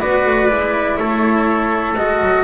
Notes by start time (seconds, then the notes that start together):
0.00 B3 F#4 B4 D5
0.26 A3
0.48 G#3 E4
0.97 A3 A4 C#5
1.96 G#3 F#4 D#5
2.22 F#3